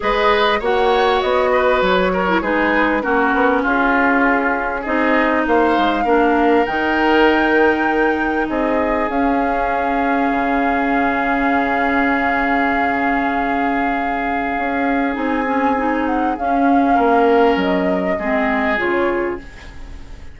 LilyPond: <<
  \new Staff \with { instrumentName = "flute" } { \time 4/4 \tempo 4 = 99 dis''4 fis''4 dis''4 cis''4 | b'4 ais'4 gis'2 | dis''4 f''2 g''4~ | g''2 dis''4 f''4~ |
f''1~ | f''1~ | f''4 gis''4. fis''8 f''4~ | f''4 dis''2 cis''4 | }
  \new Staff \with { instrumentName = "oboe" } { \time 4/4 b'4 cis''4. b'4 ais'8 | gis'4 fis'4 f'2 | gis'4 c''4 ais'2~ | ais'2 gis'2~ |
gis'1~ | gis'1~ | gis'1 | ais'2 gis'2 | }
  \new Staff \with { instrumentName = "clarinet" } { \time 4/4 gis'4 fis'2~ fis'8. e'16 | dis'4 cis'2. | dis'2 d'4 dis'4~ | dis'2. cis'4~ |
cis'1~ | cis'1~ | cis'4 dis'8 cis'8 dis'4 cis'4~ | cis'2 c'4 f'4 | }
  \new Staff \with { instrumentName = "bassoon" } { \time 4/4 gis4 ais4 b4 fis4 | gis4 ais8 b8 cis'2 | c'4 ais8 gis8 ais4 dis4~ | dis2 c'4 cis'4~ |
cis'4 cis2.~ | cis1 | cis'4 c'2 cis'4 | ais4 fis4 gis4 cis4 | }
>>